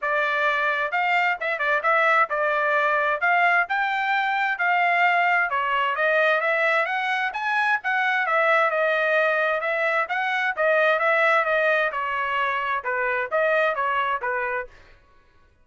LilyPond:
\new Staff \with { instrumentName = "trumpet" } { \time 4/4 \tempo 4 = 131 d''2 f''4 e''8 d''8 | e''4 d''2 f''4 | g''2 f''2 | cis''4 dis''4 e''4 fis''4 |
gis''4 fis''4 e''4 dis''4~ | dis''4 e''4 fis''4 dis''4 | e''4 dis''4 cis''2 | b'4 dis''4 cis''4 b'4 | }